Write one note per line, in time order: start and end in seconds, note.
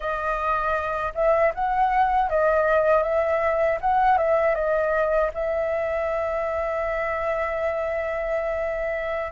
0.00 1.12 D#5
1.14 1.52 E5
1.54 2.29 F#5
2.29 3.02 D#5
3.02 3.78 E5
3.80 4.17 F#5
4.17 4.54 E5
4.54 5.30 D#5
5.34 9.31 E5